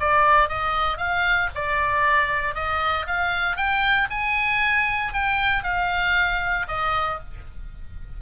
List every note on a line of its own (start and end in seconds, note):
0.00 0.49 D5
0.49 0.98 D#5
0.98 1.50 F5
1.55 2.55 D5
2.55 3.07 D#5
3.07 3.57 F5
3.57 4.09 G5
4.11 5.13 G#5
5.13 5.64 G5
5.64 6.67 F5
6.68 7.20 D#5